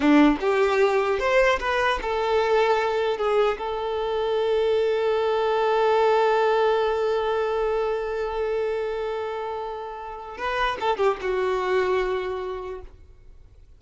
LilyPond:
\new Staff \with { instrumentName = "violin" } { \time 4/4 \tempo 4 = 150 d'4 g'2 c''4 | b'4 a'2. | gis'4 a'2.~ | a'1~ |
a'1~ | a'1~ | a'2 b'4 a'8 g'8 | fis'1 | }